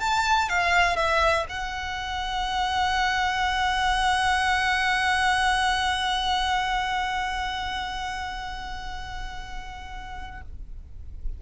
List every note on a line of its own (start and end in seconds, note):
0.00 0.49 A5
0.49 0.96 F5
0.96 1.46 E5
1.49 10.42 F#5